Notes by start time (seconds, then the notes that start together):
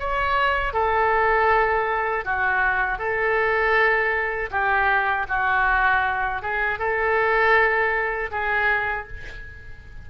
0.00 C#5
0.74 A4
2.25 F#4
2.99 A4
4.51 G4
5.29 F#4
6.42 G#4
6.79 A4
8.32 G#4